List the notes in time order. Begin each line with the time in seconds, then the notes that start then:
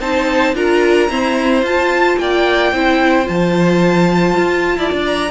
0.00 C4 D#4 C5 A5
0.55 D4 F4 A#4 A#5
1.09 C4 E4 C5
1.63 F4 A5
2.19 A#3 D5 G5
2.72 C4 E4 C5
3.24 F3 F4 A5
4.37 F4
4.78 E4 D5
4.92 D4
5.06 A#5